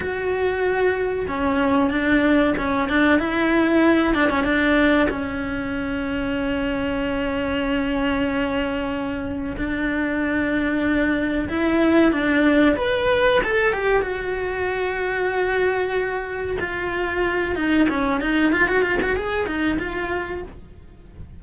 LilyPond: \new Staff \with { instrumentName = "cello" } { \time 4/4 \tempo 4 = 94 fis'2 cis'4 d'4 | cis'8 d'8 e'4. d'16 cis'16 d'4 | cis'1~ | cis'2. d'4~ |
d'2 e'4 d'4 | b'4 a'8 g'8 fis'2~ | fis'2 f'4. dis'8 | cis'8 dis'8 f'16 fis'16 f'16 fis'16 gis'8 dis'8 f'4 | }